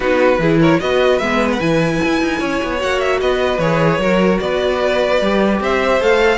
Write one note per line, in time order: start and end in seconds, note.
0.00 0.38 B3
0.00 0.38 D#4
0.00 0.40 F#4
0.00 0.60 B4
0.38 0.78 E3
0.38 0.80 E4
0.38 0.60 G#4
0.60 0.80 A#4
0.60 0.80 C#5
0.80 1.19 B3
0.80 1.20 F#4
0.80 2.39 B4
0.80 1.18 D#5
1.18 1.59 G#3
1.18 1.59 B3
1.18 1.48 E5
1.52 1.60 F#5
1.59 2.00 E3
1.59 2.78 E4
1.59 2.80 G#5
2.04 2.20 E4
2.20 2.40 D#4
2.39 2.60 C#4
2.39 3.19 C#5
2.63 2.83 B3
2.78 3.21 A#3
2.78 3.58 F#4
2.78 3.00 F#5
3.00 3.20 E5
3.20 3.58 B3
3.20 4.00 B4
3.20 3.59 D#5
3.58 3.98 E3
3.58 4.00 G#4
3.58 4.39 C#5
3.98 4.38 F#3
3.98 5.20 F#4
3.98 4.41 A#4
4.39 5.21 B3
4.39 5.61 B4
4.39 5.59 D5
5.21 5.60 G3
5.21 6.00 G4
5.60 6.00 C4
5.60 6.37 C5
5.60 6.02 E5
6.00 6.37 A3
6.00 6.37 A4
6.00 6.37 F5